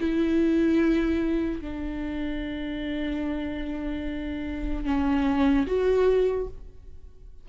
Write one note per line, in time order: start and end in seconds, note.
0.00 1.61 E4
1.61 4.85 D4
4.85 5.66 C#4
5.66 6.47 F#4